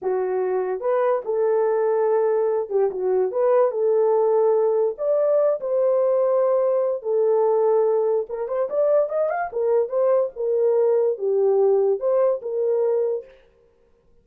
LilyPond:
\new Staff \with { instrumentName = "horn" } { \time 4/4 \tempo 4 = 145 fis'2 b'4 a'4~ | a'2~ a'8 g'8 fis'4 | b'4 a'2. | d''4. c''2~ c''8~ |
c''4 a'2. | ais'8 c''8 d''4 dis''8 f''8 ais'4 | c''4 ais'2 g'4~ | g'4 c''4 ais'2 | }